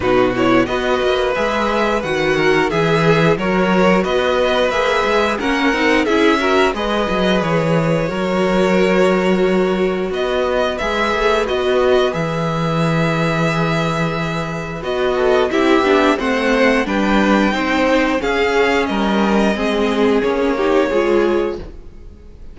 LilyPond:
<<
  \new Staff \with { instrumentName = "violin" } { \time 4/4 \tempo 4 = 89 b'8 cis''8 dis''4 e''4 fis''4 | e''4 cis''4 dis''4 e''4 | fis''4 e''4 dis''4 cis''4~ | cis''2. dis''4 |
e''4 dis''4 e''2~ | e''2 dis''4 e''4 | fis''4 g''2 f''4 | dis''2 cis''2 | }
  \new Staff \with { instrumentName = "violin" } { \time 4/4 fis'4 b'2~ b'8 ais'8 | gis'4 ais'4 b'2 | ais'4 gis'8 ais'8 b'2 | ais'2. b'4~ |
b'1~ | b'2~ b'8 a'8 g'4 | c''4 b'4 c''4 gis'4 | ais'4 gis'4. g'8 gis'4 | }
  \new Staff \with { instrumentName = "viola" } { \time 4/4 dis'8 e'8 fis'4 gis'4 fis'4 | gis'4 fis'2 gis'4 | cis'8 dis'8 e'8 fis'8 gis'2 | fis'1 |
gis'4 fis'4 gis'2~ | gis'2 fis'4 e'8 d'8 | c'4 d'4 dis'4 cis'4~ | cis'4 c'4 cis'8 dis'8 f'4 | }
  \new Staff \with { instrumentName = "cello" } { \time 4/4 b,4 b8 ais8 gis4 dis4 | e4 fis4 b4 ais8 gis8 | ais8 c'8 cis'4 gis8 fis8 e4 | fis2. b4 |
gis8 a8 b4 e2~ | e2 b4 c'8 b8 | a4 g4 c'4 cis'4 | g4 gis4 ais4 gis4 | }
>>